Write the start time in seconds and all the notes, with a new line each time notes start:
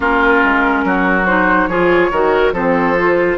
0.00 A#3 C#4 F4 A#4
0.43 G#3
0.83 F#3 F#4
1.26 D#4 C5
1.67 F3 F4 G#4 C#5
2.11 D#3 F#4 A#4
2.52 F3 C4 A4 C5
2.98 F4